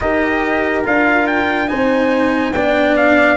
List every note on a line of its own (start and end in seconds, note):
0.00 0.85 D#4
0.00 0.84 G4
0.00 1.69 A#4
0.00 0.85 D#5
0.84 1.71 D4
0.84 1.67 F4
0.84 1.27 F5
1.27 1.68 G5
1.67 2.53 C4
1.67 2.52 D#4
1.67 2.53 C5
1.67 2.53 G#5
2.53 3.36 B3
2.53 3.36 D4
2.53 3.36 D5
2.53 2.95 G5
2.96 3.36 F5